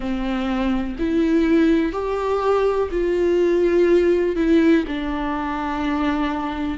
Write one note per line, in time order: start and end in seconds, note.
0.00 0.96 C4
0.99 1.92 E4
1.92 2.89 G4
2.91 4.35 F4
4.35 4.84 E4
4.87 6.77 D4